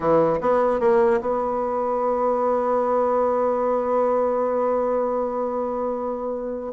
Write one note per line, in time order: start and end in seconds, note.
0.00 0.39 E3
0.40 0.80 B3
0.80 1.20 A#3
1.20 6.72 B3